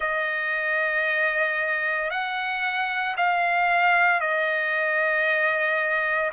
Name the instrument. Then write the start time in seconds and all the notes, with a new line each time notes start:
trumpet
0.00 D#5
2.10 F#5
3.16 F5
4.20 D#5